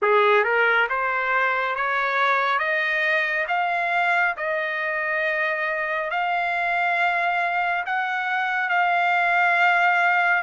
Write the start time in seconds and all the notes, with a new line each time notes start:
0.02 G#4
0.43 A#4
0.89 C5
1.75 C#5
2.58 D#5
3.48 F5
4.37 D#5
6.10 F5
7.86 F#5
8.69 F5